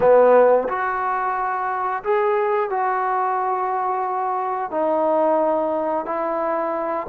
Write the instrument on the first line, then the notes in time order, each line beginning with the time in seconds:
trombone
0.00 B3
0.68 F#4
2.03 G#4
2.70 F#4
4.70 D#4
6.05 E4